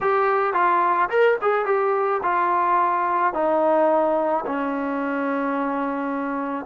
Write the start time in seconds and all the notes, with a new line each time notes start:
0.01 G4
0.53 F4
1.09 A#4
1.41 G#4
1.65 G4
2.22 F4
3.33 D#4
4.46 C#4